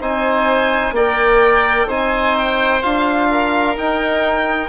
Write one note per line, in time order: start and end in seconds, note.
0.00 0.91 C4
0.00 0.94 D#4
0.00 0.94 C5
0.00 0.95 G#5
0.91 1.85 A#3
0.91 1.88 A#4
0.91 1.87 D5
0.91 1.89 G5
1.87 2.82 C4
1.87 2.82 D#4
1.87 3.27 C5
1.87 2.37 G#5
2.37 2.82 G5
2.82 3.76 D4
2.82 3.75 F4
2.82 3.76 F5
3.30 4.69 A#4
3.76 4.69 D#4
3.76 4.69 G5